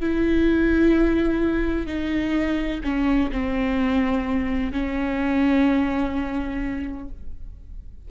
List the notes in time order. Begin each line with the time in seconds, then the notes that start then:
0.00 E4
1.86 D#4
2.83 C#4
3.32 C4
4.72 C#4